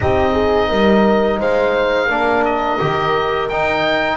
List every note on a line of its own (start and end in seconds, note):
0.00 0.70 C4
0.00 2.09 D#4
0.00 0.31 G4
0.00 1.40 D#5
0.31 0.66 G#4
0.68 1.40 G3
0.68 1.38 A#4
1.38 2.10 G#3
1.38 2.06 C5
1.38 2.44 F5
2.06 2.79 A#3
2.06 2.79 D4
2.06 4.16 A#4
2.44 3.48 D#5
2.79 3.50 D#3
2.79 3.49 G4
3.48 4.17 D#4
3.48 4.17 G5